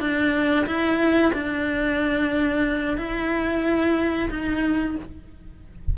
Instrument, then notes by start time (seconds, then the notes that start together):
cello
0.00 D4
0.67 E4
1.34 D4
2.98 E4
4.30 D#4